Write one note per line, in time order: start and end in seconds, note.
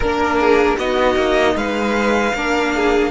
0.00 0.78 A#3
0.00 0.79 D4
0.00 0.36 A#4
0.00 0.76 A#4
0.40 0.77 G#4
0.77 1.16 B3
0.77 2.35 D#4
0.77 1.55 F#4
0.77 1.56 D#5
1.16 1.55 A#3
1.55 2.33 G#3
1.55 2.34 B4
1.55 3.11 F5
2.34 3.11 A#3
2.34 3.11 D4
2.34 2.74 A#4
2.75 3.11 G#4